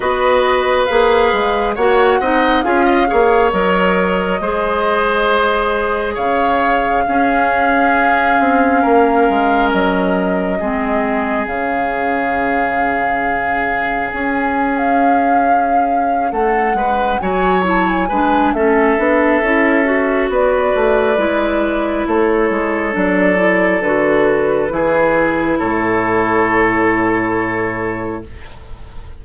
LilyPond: <<
  \new Staff \with { instrumentName = "flute" } { \time 4/4 \tempo 4 = 68 dis''4 f''4 fis''4 f''4 | dis''2. f''4~ | f''2. dis''4~ | dis''4 f''2. |
gis''8. f''4.~ f''16 fis''4 gis''8 | a''16 gis''8. e''2 d''4~ | d''4 cis''4 d''4 b'4~ | b'4 cis''2. | }
  \new Staff \with { instrumentName = "oboe" } { \time 4/4 b'2 cis''8 dis''8 gis'16 dis''16 cis''8~ | cis''4 c''2 cis''4 | gis'2 ais'2 | gis'1~ |
gis'2~ gis'8 a'8 b'8 cis''8~ | cis''8 b'8 a'2 b'4~ | b'4 a'2. | gis'4 a'2. | }
  \new Staff \with { instrumentName = "clarinet" } { \time 4/4 fis'4 gis'4 fis'8 dis'8 f'8 gis'8 | ais'4 gis'2. | cis'1 | c'4 cis'2.~ |
cis'2.~ cis'8 fis'8 | e'8 d'8 cis'8 d'8 e'8 fis'4. | e'2 d'8 e'8 fis'4 | e'1 | }
  \new Staff \with { instrumentName = "bassoon" } { \time 4/4 b4 ais8 gis8 ais8 c'8 cis'8 ais8 | fis4 gis2 cis4 | cis'4. c'8 ais8 gis8 fis4 | gis4 cis2. |
cis'2~ cis'8 a8 gis8 fis8~ | fis8 gis8 a8 b8 cis'4 b8 a8 | gis4 a8 gis8 fis4 d4 | e4 a,2. | }
>>